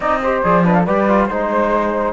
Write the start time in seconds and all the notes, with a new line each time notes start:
0.00 C4 D#4 D5 D#5
0.22 G4 C5
0.42 F3 G#4 D5
0.64 D4 B4 D#5
0.73 A4 F5
0.85 G3 G4 B4 D5
1.08 F4
1.26 G#3 D#4 C5